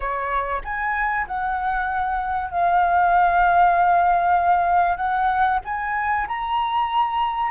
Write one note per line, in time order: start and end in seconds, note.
0.00 0.61 C#5
0.64 1.27 G#5
1.27 2.50 F#5
2.50 4.96 F5
4.96 5.59 F#5
5.64 6.27 G#5
6.27 7.51 A#5